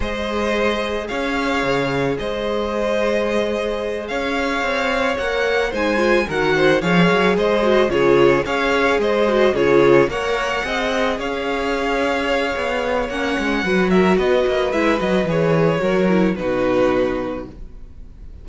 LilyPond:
<<
  \new Staff \with { instrumentName = "violin" } { \time 4/4 \tempo 4 = 110 dis''2 f''2 | dis''2.~ dis''8 f''8~ | f''4. fis''4 gis''4 fis''8~ | fis''8 f''4 dis''4 cis''4 f''8~ |
f''8 dis''4 cis''4 fis''4.~ | fis''8 f''2.~ f''8 | fis''4. e''8 dis''4 e''8 dis''8 | cis''2 b'2 | }
  \new Staff \with { instrumentName = "violin" } { \time 4/4 c''2 cis''2 | c''2.~ c''8 cis''8~ | cis''2~ cis''8 c''4 ais'8 | c''8 cis''4 c''4 gis'4 cis''8~ |
cis''8 c''4 gis'4 cis''4 dis''8~ | dis''8 cis''2.~ cis''8~ | cis''4 b'8 ais'8 b'2~ | b'4 ais'4 fis'2 | }
  \new Staff \with { instrumentName = "viola" } { \time 4/4 gis'1~ | gis'1~ | gis'4. ais'4 dis'8 f'8 fis'8~ | fis'8 gis'4. fis'8 f'4 gis'8~ |
gis'4 fis'8 f'4 ais'4 gis'8~ | gis'1 | cis'4 fis'2 e'8 fis'8 | gis'4 fis'8 e'8 dis'2 | }
  \new Staff \with { instrumentName = "cello" } { \time 4/4 gis2 cis'4 cis4 | gis2.~ gis8 cis'8~ | cis'8 c'4 ais4 gis4 dis8~ | dis8 f8 fis8 gis4 cis4 cis'8~ |
cis'8 gis4 cis4 ais4 c'8~ | c'8 cis'2~ cis'8 b4 | ais8 gis8 fis4 b8 ais8 gis8 fis8 | e4 fis4 b,2 | }
>>